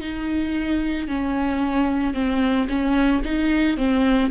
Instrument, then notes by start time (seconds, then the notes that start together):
viola
0.00 D#4
1.08 C#4
2.13 C4
2.68 C#4
3.24 D#4
3.76 C4